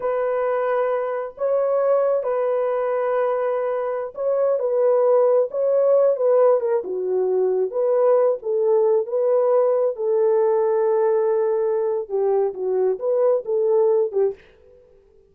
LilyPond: \new Staff \with { instrumentName = "horn" } { \time 4/4 \tempo 4 = 134 b'2. cis''4~ | cis''4 b'2.~ | b'4~ b'16 cis''4 b'4.~ b'16~ | b'16 cis''4. b'4 ais'8 fis'8.~ |
fis'4~ fis'16 b'4. a'4~ a'16~ | a'16 b'2 a'4.~ a'16~ | a'2. g'4 | fis'4 b'4 a'4. g'8 | }